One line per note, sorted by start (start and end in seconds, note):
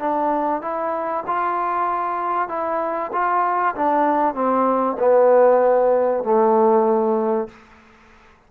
0.00 0.62 D4
0.62 1.24 E4
1.27 2.49 F4
2.49 3.11 E4
3.13 3.76 F4
3.76 4.35 D4
4.35 4.97 C4
4.99 6.24 B3
6.24 7.49 A3